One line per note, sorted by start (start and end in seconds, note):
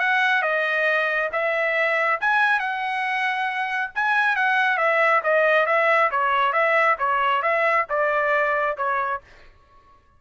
0.00 0.42 F#5
0.42 1.30 D#5
1.32 2.20 E5
2.21 2.60 G#5
2.60 3.91 F#5
3.95 4.36 G#5
4.36 4.78 F#5
4.78 5.21 E5
5.23 5.66 D#5
5.66 6.10 E5
6.11 6.53 C#5
6.53 6.96 E5
6.99 7.42 C#5
7.42 7.86 E5
7.89 8.77 D5
8.77 9.21 C#5